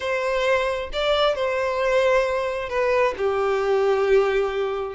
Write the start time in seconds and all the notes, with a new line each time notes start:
0.00 C5
0.92 D5
1.35 C5
2.69 B4
3.17 G4